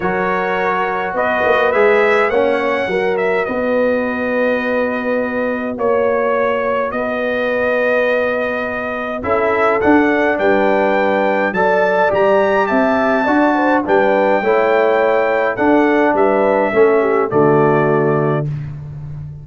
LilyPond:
<<
  \new Staff \with { instrumentName = "trumpet" } { \time 4/4 \tempo 4 = 104 cis''2 dis''4 e''4 | fis''4. e''8 dis''2~ | dis''2 cis''2 | dis''1 |
e''4 fis''4 g''2 | a''4 ais''4 a''2 | g''2. fis''4 | e''2 d''2 | }
  \new Staff \with { instrumentName = "horn" } { \time 4/4 ais'2 b'2 | cis''4 ais'4 b'2~ | b'2 cis''2 | b'1 |
a'2 b'2 | d''2 e''4 d''8 c''8 | b'4 cis''2 a'4 | b'4 a'8 g'8 fis'2 | }
  \new Staff \with { instrumentName = "trombone" } { \time 4/4 fis'2. gis'4 | cis'4 fis'2.~ | fis'1~ | fis'1 |
e'4 d'2. | a'4 g'2 fis'4 | d'4 e'2 d'4~ | d'4 cis'4 a2 | }
  \new Staff \with { instrumentName = "tuba" } { \time 4/4 fis2 b8 ais8 gis4 | ais4 fis4 b2~ | b2 ais2 | b1 |
cis'4 d'4 g2 | fis4 g4 c'4 d'4 | g4 a2 d'4 | g4 a4 d2 | }
>>